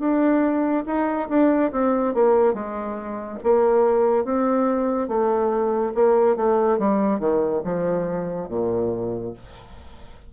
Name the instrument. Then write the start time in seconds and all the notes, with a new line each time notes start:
bassoon
0.00 D4
0.87 D#4
1.29 D4
1.72 C4
2.15 A#3
2.54 G#3
3.44 A#3
4.25 C4
5.09 A3
5.95 A#3
6.36 A3
6.79 G3
7.20 D#3
7.64 F3
8.49 A#2